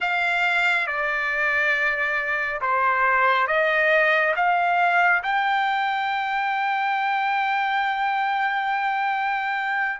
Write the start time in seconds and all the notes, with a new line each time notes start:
0.00 F5
0.87 D5
2.61 C5
3.47 D#5
4.36 F5
5.23 G5